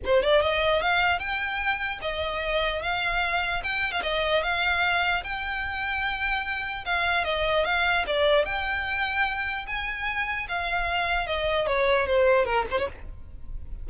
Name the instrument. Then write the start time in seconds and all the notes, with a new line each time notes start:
violin
0.04 C5
0.23 D5
0.41 D#5
0.81 F5
1.19 G5
2.01 D#5
2.82 F5
3.63 G5
3.91 F5
4.02 D#5
4.42 F5
5.23 G5
6.85 F5
7.24 D#5
7.64 F5
8.06 D5
8.45 G5
9.66 G#5
10.48 F5
11.26 D#5
11.66 C#5
12.07 C5
12.45 A#4
12.70 C5
12.79 C#5